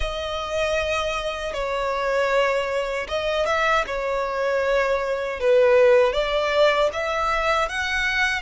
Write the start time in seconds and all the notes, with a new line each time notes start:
0.00 D#5
1.53 C#5
3.08 D#5
3.45 E5
3.86 C#5
5.40 B4
6.13 D5
6.92 E5
7.69 F#5